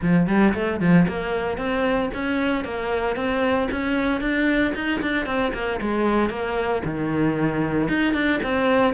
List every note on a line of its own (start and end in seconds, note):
0.01 0.27 F3
0.27 0.53 G3
0.54 0.80 A3
0.80 1.06 F3
1.08 1.57 A#3
1.57 2.10 C4
2.14 2.64 C#4
2.64 3.16 A#3
3.16 3.68 C4
3.71 4.21 C#4
4.21 4.73 D4
4.74 5.00 D#4
5.01 5.26 D4
5.26 5.52 C4
5.53 5.80 A#3
5.81 6.29 G#3
6.29 6.82 A#3
6.84 7.88 D#3
7.88 8.13 D#4
8.13 8.39 D4
8.43 8.93 C4